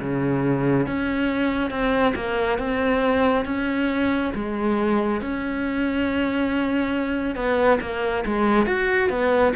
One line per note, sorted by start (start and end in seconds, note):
0.00 0.87 C#3
0.87 1.70 C#4
1.70 2.14 C4
2.15 2.58 A#3
2.58 3.45 C4
3.45 4.32 C#4
4.35 5.21 G#3
5.21 7.36 C#4
7.36 7.79 B3
7.81 8.25 A#3
8.26 8.66 G#3
8.66 9.10 F#4
9.10 9.53 B3